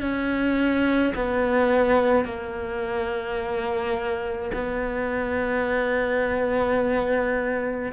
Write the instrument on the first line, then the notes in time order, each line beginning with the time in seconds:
cello
0.00 C#4
1.15 B3
2.25 A#3
4.54 B3